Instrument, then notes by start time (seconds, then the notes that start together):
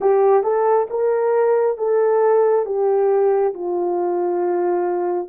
horn
0.00 G4
0.43 A4
0.89 A#4
1.77 A4
2.65 G4
3.53 F4